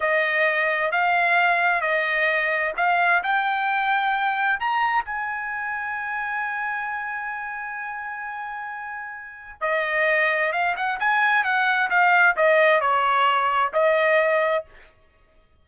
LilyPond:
\new Staff \with { instrumentName = "trumpet" } { \time 4/4 \tempo 4 = 131 dis''2 f''2 | dis''2 f''4 g''4~ | g''2 ais''4 gis''4~ | gis''1~ |
gis''1~ | gis''4 dis''2 f''8 fis''8 | gis''4 fis''4 f''4 dis''4 | cis''2 dis''2 | }